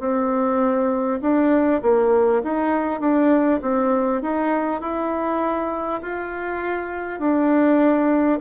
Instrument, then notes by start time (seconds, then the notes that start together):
bassoon
0.00 C4
1.22 D4
1.82 A#3
2.43 D#4
3.01 D4
3.62 C4
4.22 D#4
4.82 E4
6.02 F4
7.19 D4